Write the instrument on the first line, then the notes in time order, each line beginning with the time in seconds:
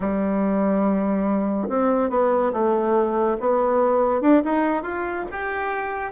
bassoon
0.00 G3
1.68 C4
2.09 B3
2.52 A3
3.40 B3
4.21 D4
4.44 D#4
4.82 F4
5.31 G4